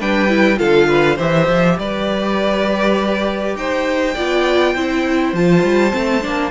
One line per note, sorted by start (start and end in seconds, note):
0.00 0.60 G3
0.00 0.29 D4
0.00 0.59 B4
0.00 0.59 G5
0.29 0.57 E4
0.57 1.20 D3
0.57 1.16 F4
0.57 0.88 A4
0.57 1.18 F5
0.88 1.16 B4
1.16 1.48 E3
1.16 4.17 G4
1.16 1.76 C5
1.16 1.79 E5
1.48 1.78 F3
1.78 3.56 G3
1.78 3.58 B4
1.78 3.57 D5
3.56 4.15 D#4
3.56 4.15 C5
3.56 5.35 G5
4.15 4.76 B3
4.15 4.76 F4
4.15 4.74 D5
4.75 5.34 C4
4.75 5.36 E4
4.75 6.51 C5
5.34 5.63 F3
5.34 5.91 F4
5.34 6.51 A5
5.64 5.93 G3
5.91 6.25 A3
5.91 6.21 C4
6.22 6.51 A#3
6.22 6.51 D4